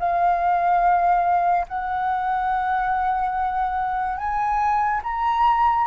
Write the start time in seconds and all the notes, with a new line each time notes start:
0.00 F5
1.69 F#5
4.18 G#5
5.04 A#5